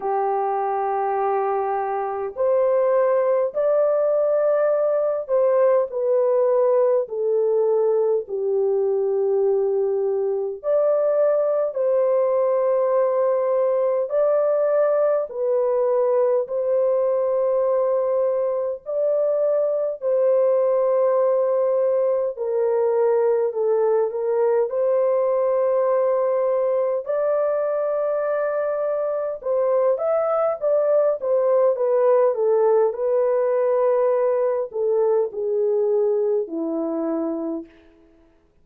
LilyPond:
\new Staff \with { instrumentName = "horn" } { \time 4/4 \tempo 4 = 51 g'2 c''4 d''4~ | d''8 c''8 b'4 a'4 g'4~ | g'4 d''4 c''2 | d''4 b'4 c''2 |
d''4 c''2 ais'4 | a'8 ais'8 c''2 d''4~ | d''4 c''8 e''8 d''8 c''8 b'8 a'8 | b'4. a'8 gis'4 e'4 | }